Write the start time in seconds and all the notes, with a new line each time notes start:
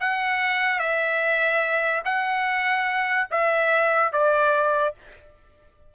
0.00 F#5
0.79 E5
2.05 F#5
3.31 E5
4.12 D5